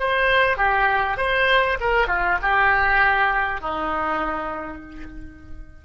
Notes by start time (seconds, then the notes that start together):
0.00 C5
0.58 G4
1.18 C5
1.81 A#4
2.08 F4
2.42 G4
3.61 D#4